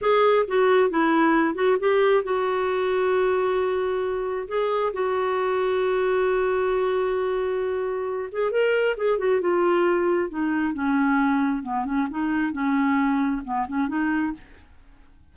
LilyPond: \new Staff \with { instrumentName = "clarinet" } { \time 4/4 \tempo 4 = 134 gis'4 fis'4 e'4. fis'8 | g'4 fis'2.~ | fis'2 gis'4 fis'4~ | fis'1~ |
fis'2~ fis'8 gis'8 ais'4 | gis'8 fis'8 f'2 dis'4 | cis'2 b8 cis'8 dis'4 | cis'2 b8 cis'8 dis'4 | }